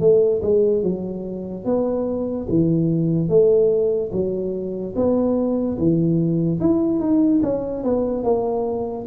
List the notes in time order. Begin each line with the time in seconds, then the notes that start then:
0.00 A3
0.42 G#3
0.83 F#3
1.65 B3
2.50 E3
3.29 A3
4.12 F#3
4.96 B3
5.78 E3
6.61 E4
7.00 D#4
7.43 C#4
7.84 B3
8.24 A#3